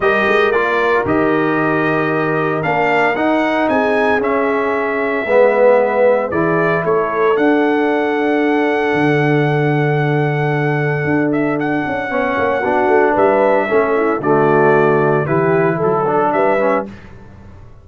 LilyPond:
<<
  \new Staff \with { instrumentName = "trumpet" } { \time 4/4 \tempo 4 = 114 dis''4 d''4 dis''2~ | dis''4 f''4 fis''4 gis''4 | e''1 | d''4 cis''4 fis''2~ |
fis''1~ | fis''4. e''8 fis''2~ | fis''4 e''2 d''4~ | d''4 b'4 a'4 e''4 | }
  \new Staff \with { instrumentName = "horn" } { \time 4/4 ais'1~ | ais'2. gis'4~ | gis'2 b'2 | gis'4 a'2.~ |
a'1~ | a'2. cis''4 | fis'4 b'4 a'8 e'8 fis'4~ | fis'4 g'4 a'4 b'4 | }
  \new Staff \with { instrumentName = "trombone" } { \time 4/4 g'4 f'4 g'2~ | g'4 d'4 dis'2 | cis'2 b2 | e'2 d'2~ |
d'1~ | d'2. cis'4 | d'2 cis'4 a4~ | a4 e'4. d'4 cis'8 | }
  \new Staff \with { instrumentName = "tuba" } { \time 4/4 g8 gis8 ais4 dis2~ | dis4 ais4 dis'4 c'4 | cis'2 gis2 | e4 a4 d'2~ |
d'4 d2.~ | d4 d'4. cis'8 b8 ais8 | b8 a8 g4 a4 d4~ | d4 e4 fis4 g4 | }
>>